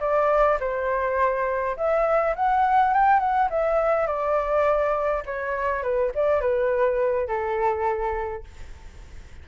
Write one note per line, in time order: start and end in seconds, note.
0.00 0.58 D5
0.60 1.76 C5
1.76 2.35 E5
2.35 2.93 F#5
2.93 3.19 G5
3.19 3.48 F#5
3.50 4.06 E5
4.06 5.23 D5
5.26 5.83 C#5
5.83 6.12 B4
6.15 6.41 D5
6.41 7.27 B4
7.27 8.44 A4